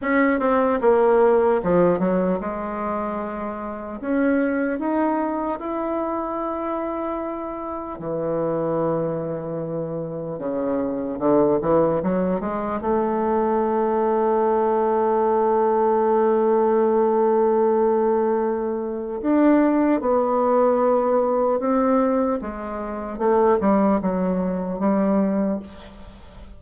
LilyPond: \new Staff \with { instrumentName = "bassoon" } { \time 4/4 \tempo 4 = 75 cis'8 c'8 ais4 f8 fis8 gis4~ | gis4 cis'4 dis'4 e'4~ | e'2 e2~ | e4 cis4 d8 e8 fis8 gis8 |
a1~ | a1 | d'4 b2 c'4 | gis4 a8 g8 fis4 g4 | }